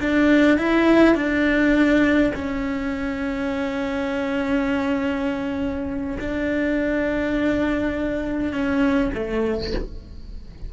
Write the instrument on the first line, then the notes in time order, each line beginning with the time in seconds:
cello
0.00 D4
0.58 E4
1.15 D4
2.35 C#4
6.19 D4
8.53 C#4
9.14 A3